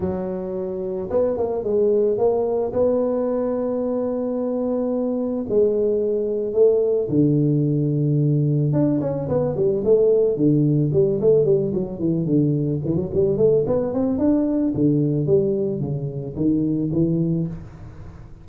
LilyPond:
\new Staff \with { instrumentName = "tuba" } { \time 4/4 \tempo 4 = 110 fis2 b8 ais8 gis4 | ais4 b2.~ | b2 gis2 | a4 d2. |
d'8 cis'8 b8 g8 a4 d4 | g8 a8 g8 fis8 e8 d4 e16 fis16 | g8 a8 b8 c'8 d'4 d4 | g4 cis4 dis4 e4 | }